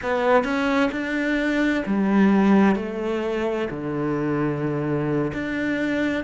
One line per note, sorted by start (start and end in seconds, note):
0.02 0.44 B3
0.44 0.90 C#4
0.91 1.84 D4
1.85 2.75 G3
2.75 3.68 A3
3.70 5.32 D3
5.33 6.23 D4